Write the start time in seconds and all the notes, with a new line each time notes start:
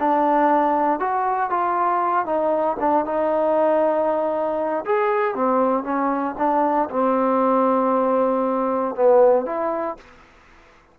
0.00 D4
1.00 F#4
1.50 F4
2.26 D#4
2.80 D4
3.06 D#4
4.86 G#4
5.35 C4
5.84 C#4
6.38 D4
6.90 C4
8.96 B3
9.46 E4